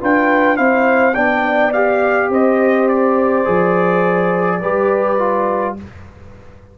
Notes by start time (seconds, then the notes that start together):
0.00 D4 F4 B4 G5
0.56 C4 E4 C5 F5
1.14 B3 D4 D5 G5
1.73 G4 F5
2.29 C4 C5 D#5
2.88 D5
3.45 F3 G#4
4.61 G3 G4 B4
5.18 F4